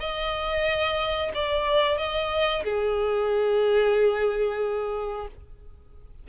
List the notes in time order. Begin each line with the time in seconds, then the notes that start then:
0.00 D#5
1.35 D5
1.98 D#5
2.64 G#4